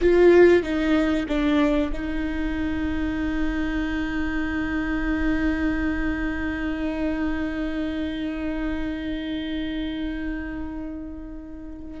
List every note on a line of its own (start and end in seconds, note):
0.01 0.63 F4
0.63 1.26 D#4
1.28 1.91 D4
1.92 12.00 D#4